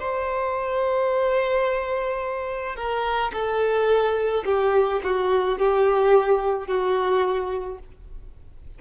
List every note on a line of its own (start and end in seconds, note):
0.00 2.76 C5
2.76 3.32 A#4
3.33 4.44 A4
4.45 5.01 G4
5.04 5.59 F#4
5.59 6.68 G4
6.68 7.79 F#4